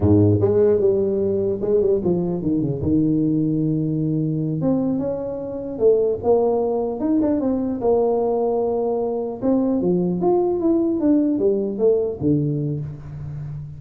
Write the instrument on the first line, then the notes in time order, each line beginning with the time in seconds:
tuba
0.00 G#2
0.41 G#3
0.80 G3
1.61 G#3
1.81 G3
2.03 F3
2.41 D#3
2.61 C#3
2.81 D#3
4.61 C4
4.99 C#4
5.79 A3
6.23 A#3
6.99 D#4
7.21 D4
7.40 C4
7.80 A#3
9.41 C4
9.81 F3
10.21 F4
10.59 E4
10.99 D4
11.38 G3
11.78 A3
12.20 D3